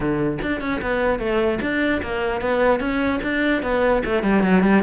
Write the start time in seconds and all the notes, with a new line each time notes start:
0.00 D3
0.42 D4
0.60 C#4
0.81 B3
1.19 A3
1.61 D4
2.02 A#3
2.41 B3
2.79 C#4
3.22 D4
3.62 B3
4.05 A3
4.22 G3
4.43 F#3
4.63 G3